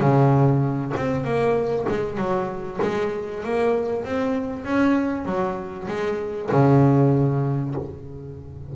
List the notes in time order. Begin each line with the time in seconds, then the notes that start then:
0.00 C#3
0.96 C4
1.24 A#3
1.88 G#3
2.17 F#3
2.82 G#3
3.44 A#3
4.05 C4
4.64 C#4
5.25 F#3
5.88 G#3
6.51 C#3